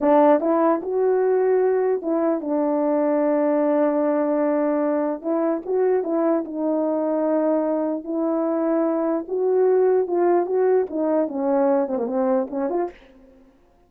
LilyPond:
\new Staff \with { instrumentName = "horn" } { \time 4/4 \tempo 4 = 149 d'4 e'4 fis'2~ | fis'4 e'4 d'2~ | d'1~ | d'4 e'4 fis'4 e'4 |
dis'1 | e'2. fis'4~ | fis'4 f'4 fis'4 dis'4 | cis'4. c'16 ais16 c'4 cis'8 f'8 | }